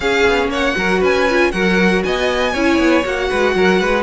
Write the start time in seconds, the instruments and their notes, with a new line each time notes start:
0.00 cello C#4, viola C#4, violin G#4 F5
0.27 cello B3
0.47 cello A#3, violin C#5 F#5
0.76 cello F#3, viola F#4, violin A#4
1.00 cello C#4, violin B4 G#5
1.30 viola F4
1.51 cello F#3, viola F#4, violin A#4 F#5
2.03 cello B3, violin D#5 G#5
2.52 cello C#4, viola E4, violin C#5
2.78 cello B3
3.03 cello A#3, viola F#4, violin F#5
3.29 cello G#3, violin B4
3.55 cello F#3, violin A#4
3.80 cello G#3, violin B4